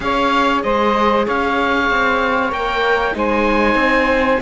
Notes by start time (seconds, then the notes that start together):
0.00 C#4 G#4 C#5 F5
0.62 G#3 C5 D#5
1.25 C#4 C#5 F5
1.90 C4
2.50 A#3 A#4 G5
3.12 G#3 D#4 C5 G#5
3.74 C4